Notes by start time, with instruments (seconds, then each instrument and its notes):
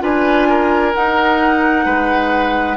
0.00 bassoon D4, clarinet F4, oboe B4, flute G#5
0.49 oboe A#4
0.95 clarinet D#4, bassoon D#4, flute F#5
1.86 bassoon G#3, oboe B4